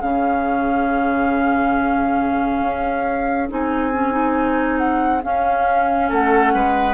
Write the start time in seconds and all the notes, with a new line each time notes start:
0.00 C#3 C#4 G#4 F5
2.62 C#4
3.49 C4 D#4 G#5
3.93 C#4
4.12 D#4
4.78 F#5
5.23 C#4 F5
6.09 A3 A4 F#5
6.54 G#3 B4